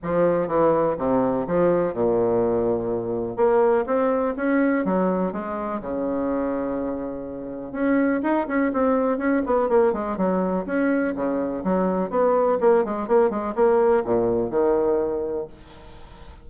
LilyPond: \new Staff \with { instrumentName = "bassoon" } { \time 4/4 \tempo 4 = 124 f4 e4 c4 f4 | ais,2. ais4 | c'4 cis'4 fis4 gis4 | cis1 |
cis'4 dis'8 cis'8 c'4 cis'8 b8 | ais8 gis8 fis4 cis'4 cis4 | fis4 b4 ais8 gis8 ais8 gis8 | ais4 ais,4 dis2 | }